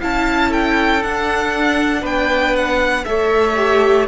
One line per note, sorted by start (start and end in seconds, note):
0.00 1.04 C#4
0.00 1.02 E4
0.00 0.50 F5
0.00 0.53 A5
0.50 2.01 A4
0.50 1.03 G5
1.02 3.05 D4
1.02 2.03 D4
1.02 2.05 F#5
2.01 3.04 B3
2.01 3.03 B4
2.01 2.56 G5
2.56 3.04 F#5
3.04 4.07 A3
3.04 3.56 A4
3.04 4.07 C#5
3.04 4.06 E5
3.56 4.07 G4